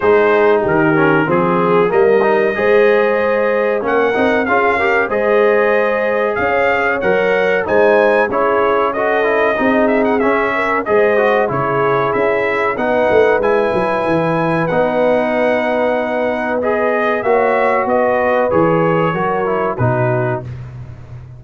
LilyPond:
<<
  \new Staff \with { instrumentName = "trumpet" } { \time 4/4 \tempo 4 = 94 c''4 ais'4 gis'4 dis''4~ | dis''2 fis''4 f''4 | dis''2 f''4 fis''4 | gis''4 cis''4 dis''4. e''16 fis''16 |
e''4 dis''4 cis''4 e''4 | fis''4 gis''2 fis''4~ | fis''2 dis''4 e''4 | dis''4 cis''2 b'4 | }
  \new Staff \with { instrumentName = "horn" } { \time 4/4 gis'4 g'4 gis'4 ais'4 | c''2 ais'4 gis'8 ais'8 | c''2 cis''2 | c''4 gis'4 a'4 gis'4~ |
gis'8 ais'8 c''4 gis'2 | b'1~ | b'2. cis''4 | b'2 ais'4 fis'4 | }
  \new Staff \with { instrumentName = "trombone" } { \time 4/4 dis'4. cis'8 c'4 ais8 dis'8 | gis'2 cis'8 dis'8 f'8 g'8 | gis'2. ais'4 | dis'4 e'4 fis'8 e'8 dis'4 |
cis'4 gis'8 fis'8 e'2 | dis'4 e'2 dis'4~ | dis'2 gis'4 fis'4~ | fis'4 gis'4 fis'8 e'8 dis'4 | }
  \new Staff \with { instrumentName = "tuba" } { \time 4/4 gis4 dis4 f4 g4 | gis2 ais8 c'8 cis'4 | gis2 cis'4 fis4 | gis4 cis'2 c'4 |
cis'4 gis4 cis4 cis'4 | b8 a8 gis8 fis8 e4 b4~ | b2. ais4 | b4 e4 fis4 b,4 | }
>>